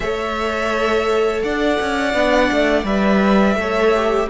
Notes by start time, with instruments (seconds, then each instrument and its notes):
0.00 cello A3, viola A4, violin C#5 E5
1.43 cello D4, violin D5 F#5
1.81 cello C#4
2.14 cello B3, viola D4
2.51 cello A3
2.83 cello G3, viola B4, violin E5
3.55 cello A3, viola A4, violin C#5
3.95 viola G4